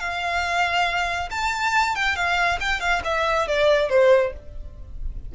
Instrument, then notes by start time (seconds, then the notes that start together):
violin
0.00 F5
1.31 A5
1.96 G5
2.16 F5
2.61 G5
2.81 F5
3.05 E5
3.48 D5
3.90 C5